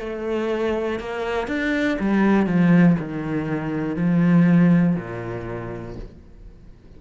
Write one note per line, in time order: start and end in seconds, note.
0.00 1.00 A3
1.00 1.48 A#3
1.48 1.98 D4
2.00 2.47 G3
2.47 2.97 F3
2.99 3.96 D#3
3.96 4.96 F3
4.96 5.96 A#2